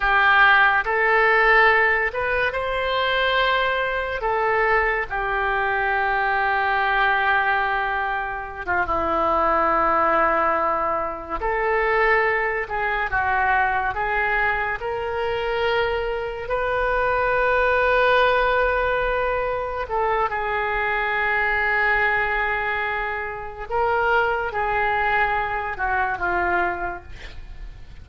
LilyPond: \new Staff \with { instrumentName = "oboe" } { \time 4/4 \tempo 4 = 71 g'4 a'4. b'8 c''4~ | c''4 a'4 g'2~ | g'2~ g'16 f'16 e'4.~ | e'4. a'4. gis'8 fis'8~ |
fis'8 gis'4 ais'2 b'8~ | b'2.~ b'8 a'8 | gis'1 | ais'4 gis'4. fis'8 f'4 | }